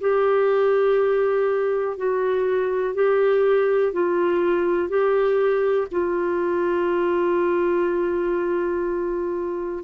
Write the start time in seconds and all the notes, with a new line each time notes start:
0.00 G4
1.97 F#4
2.94 G4
3.93 F4
4.89 G4
5.91 F4